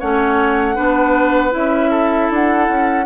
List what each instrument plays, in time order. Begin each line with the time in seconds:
0.00 bassoon A3, clarinet C#4, oboe C#5, flute F#5
0.76 bassoon B3, clarinet D4, oboe B4
1.51 bassoon C#4, clarinet E4, flute E5
1.91 oboe A4
2.31 bassoon D4, flute F#5
2.69 bassoon C#4